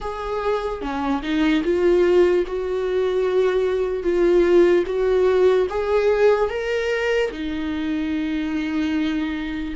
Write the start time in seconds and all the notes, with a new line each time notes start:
0.00 G#4
0.81 C#4
1.22 D#4
1.64 F4
2.47 F#4
4.03 F4
4.86 F#4
5.69 G#4
6.49 A#4
7.31 D#4